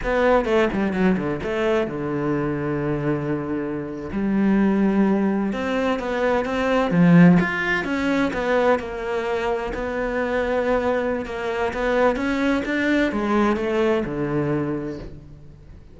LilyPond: \new Staff \with { instrumentName = "cello" } { \time 4/4 \tempo 4 = 128 b4 a8 g8 fis8 d8 a4 | d1~ | d8. g2. c'16~ | c'8. b4 c'4 f4 f'16~ |
f'8. cis'4 b4 ais4~ ais16~ | ais8. b2.~ b16 | ais4 b4 cis'4 d'4 | gis4 a4 d2 | }